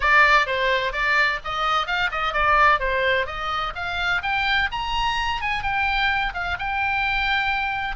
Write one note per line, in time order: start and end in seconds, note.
0.00 0.46 D5
0.46 0.92 C5
0.92 1.39 D5
1.44 1.86 D#5
1.86 2.10 F5
2.11 2.33 D#5
2.33 2.79 D5
2.79 3.26 C5
3.26 3.73 D#5
3.75 4.22 F5
4.22 4.69 G5
4.71 5.41 A#5
5.41 5.62 G#5
5.62 6.33 G5
6.34 6.57 F5
6.59 7.96 G5